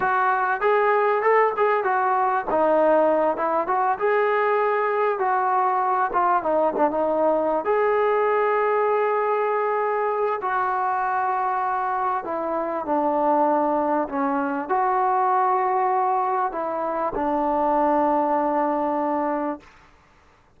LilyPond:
\new Staff \with { instrumentName = "trombone" } { \time 4/4 \tempo 4 = 98 fis'4 gis'4 a'8 gis'8 fis'4 | dis'4. e'8 fis'8 gis'4.~ | gis'8 fis'4. f'8 dis'8 d'16 dis'8.~ | dis'8 gis'2.~ gis'8~ |
gis'4 fis'2. | e'4 d'2 cis'4 | fis'2. e'4 | d'1 | }